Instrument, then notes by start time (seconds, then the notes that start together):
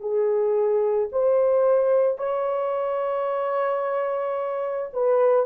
horn
0.00 G#4
1.12 C5
2.18 C#5
4.93 B4